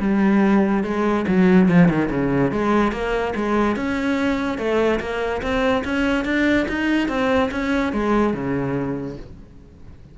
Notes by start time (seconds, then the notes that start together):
0.00 G3
0.84 G#3
1.27 F#3
1.69 F3
1.88 D#3
2.10 C#3
2.52 G#3
2.92 A#3
3.36 G#3
3.76 C#4
4.58 A3
5.00 A#3
5.42 C4
5.84 C#4
6.25 D4
6.68 D#4
7.08 C4
7.51 C#4
7.93 G#3
8.33 C#3